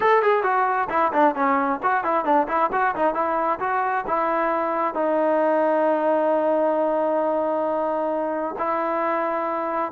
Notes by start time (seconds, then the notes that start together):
0.00 A4
0.22 G#4
0.43 F#4
0.89 E4
1.12 D4
1.35 C#4
1.82 F#4
2.04 E4
2.24 D4
2.48 E4
2.72 F#4
2.95 D#4
3.14 E4
3.59 F#4
4.07 E4
4.94 D#4
8.58 E4